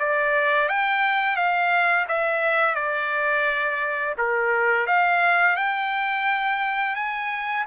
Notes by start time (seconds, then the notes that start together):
0.00 D5
0.69 G5
1.36 F5
2.09 E5
2.76 D5
4.18 A#4
4.87 F5
5.57 G5
6.96 G#5